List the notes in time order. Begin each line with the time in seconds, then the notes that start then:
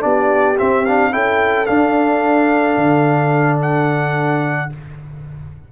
0.00 B3 D4 G4 D5
0.58 C4 E5
0.86 D4 F5
1.11 C#4 E4 A4 G5
1.66 D4 F5
2.77 D3
3.62 F#5